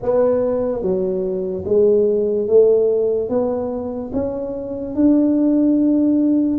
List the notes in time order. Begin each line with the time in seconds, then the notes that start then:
0.02 B3
0.81 F#3
1.65 G#3
2.47 A3
3.29 B3
4.13 C#4
4.95 D4